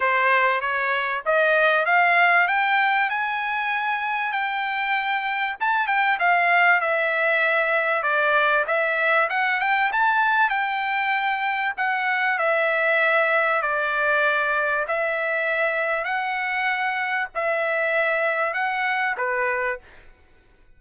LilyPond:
\new Staff \with { instrumentName = "trumpet" } { \time 4/4 \tempo 4 = 97 c''4 cis''4 dis''4 f''4 | g''4 gis''2 g''4~ | g''4 a''8 g''8 f''4 e''4~ | e''4 d''4 e''4 fis''8 g''8 |
a''4 g''2 fis''4 | e''2 d''2 | e''2 fis''2 | e''2 fis''4 b'4 | }